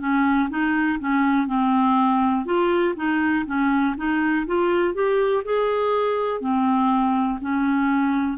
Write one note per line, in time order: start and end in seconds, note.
0.00 0.49 C#4
0.50 0.99 D#4
1.00 1.47 C#4
1.47 2.45 C4
2.46 2.95 F4
2.97 3.46 D#4
3.46 3.96 C#4
3.97 4.47 D#4
4.47 4.94 F4
4.94 5.44 G4
5.45 6.41 G#4
6.41 7.39 C4
7.41 8.38 C#4